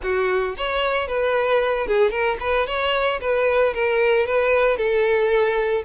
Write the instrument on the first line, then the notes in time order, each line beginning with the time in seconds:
violin
0.02 F#4
0.57 C#5
1.07 B4
1.87 G#4
2.10 A#4
2.40 B4
2.66 C#5
3.21 B4
3.73 A#4
4.26 B4
4.77 A4